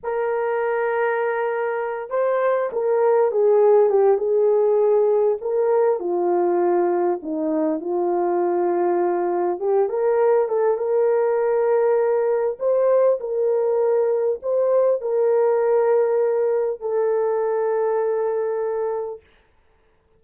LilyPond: \new Staff \with { instrumentName = "horn" } { \time 4/4 \tempo 4 = 100 ais'2.~ ais'8 c''8~ | c''8 ais'4 gis'4 g'8 gis'4~ | gis'4 ais'4 f'2 | dis'4 f'2. |
g'8 ais'4 a'8 ais'2~ | ais'4 c''4 ais'2 | c''4 ais'2. | a'1 | }